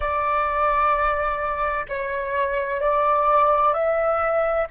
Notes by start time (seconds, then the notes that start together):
0.00 D5
1.88 C#5
2.80 D5
3.73 E5